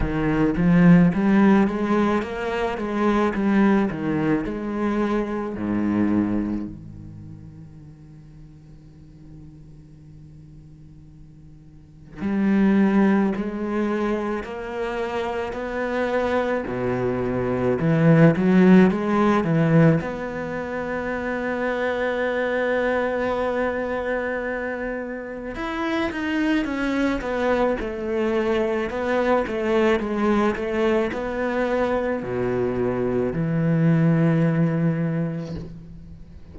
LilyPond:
\new Staff \with { instrumentName = "cello" } { \time 4/4 \tempo 4 = 54 dis8 f8 g8 gis8 ais8 gis8 g8 dis8 | gis4 gis,4 dis2~ | dis2. g4 | gis4 ais4 b4 b,4 |
e8 fis8 gis8 e8 b2~ | b2. e'8 dis'8 | cis'8 b8 a4 b8 a8 gis8 a8 | b4 b,4 e2 | }